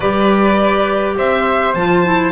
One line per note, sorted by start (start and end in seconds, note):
0.00 1.16 G3
0.00 1.76 G4
0.00 1.16 B4
0.00 1.15 D5
1.17 1.74 C4
1.17 2.32 C5
1.17 1.74 E5
1.74 2.32 F3
1.74 2.04 F4
1.74 2.32 A5
2.04 2.32 E4